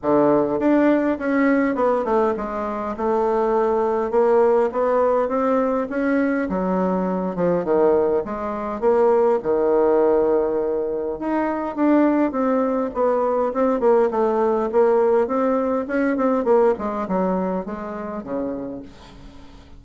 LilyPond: \new Staff \with { instrumentName = "bassoon" } { \time 4/4 \tempo 4 = 102 d4 d'4 cis'4 b8 a8 | gis4 a2 ais4 | b4 c'4 cis'4 fis4~ | fis8 f8 dis4 gis4 ais4 |
dis2. dis'4 | d'4 c'4 b4 c'8 ais8 | a4 ais4 c'4 cis'8 c'8 | ais8 gis8 fis4 gis4 cis4 | }